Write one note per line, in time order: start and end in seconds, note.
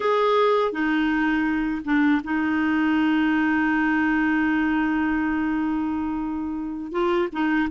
0.00 0.72 G#4
0.72 1.81 D#4
1.85 2.21 D4
2.24 6.91 D#4
6.91 7.28 F4
7.32 7.69 D#4